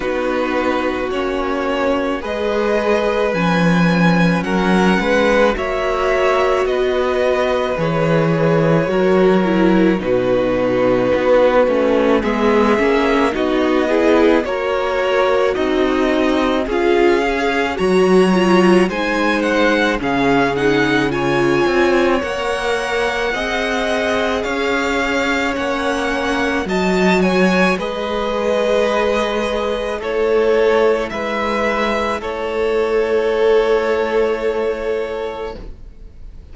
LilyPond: <<
  \new Staff \with { instrumentName = "violin" } { \time 4/4 \tempo 4 = 54 b'4 cis''4 dis''4 gis''4 | fis''4 e''4 dis''4 cis''4~ | cis''4 b'2 e''4 | dis''4 cis''4 dis''4 f''4 |
ais''4 gis''8 fis''8 f''8 fis''8 gis''4 | fis''2 f''4 fis''4 | a''8 gis''8 dis''2 cis''4 | e''4 cis''2. | }
  \new Staff \with { instrumentName = "violin" } { \time 4/4 fis'2 b'2 | ais'8 b'8 cis''4 b'2 | ais'4 fis'2 gis'4 | fis'8 gis'8 ais'4 dis'4 gis'4 |
cis''4 c''4 gis'4 cis''4~ | cis''4 dis''4 cis''2 | dis''8 cis''8 b'2 a'4 | b'4 a'2. | }
  \new Staff \with { instrumentName = "viola" } { \time 4/4 dis'4 cis'4 gis'4 cis'4~ | cis'4 fis'2 gis'4 | fis'8 e'8 dis'4. cis'8 b8 cis'8 | dis'8 e'8 fis'2 f'8 gis'8 |
fis'8 f'8 dis'4 cis'8 dis'8 f'4 | ais'4 gis'2 cis'4 | fis'4 gis'2 e'4~ | e'1 | }
  \new Staff \with { instrumentName = "cello" } { \time 4/4 b4 ais4 gis4 f4 | fis8 gis8 ais4 b4 e4 | fis4 b,4 b8 a8 gis8 ais8 | b4 ais4 c'4 cis'4 |
fis4 gis4 cis4. c'8 | ais4 c'4 cis'4 ais4 | fis4 gis2 a4 | gis4 a2. | }
>>